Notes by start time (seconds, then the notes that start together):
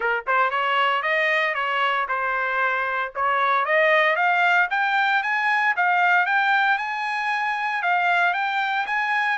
0.00 A#4
0.27 C5
0.50 C#5
1.02 D#5
1.54 C#5
2.08 C5
3.15 C#5
3.65 D#5
4.16 F5
4.70 G5
5.22 G#5
5.76 F5
6.26 G5
6.78 G#5
7.82 F5
8.33 G5
8.86 G#5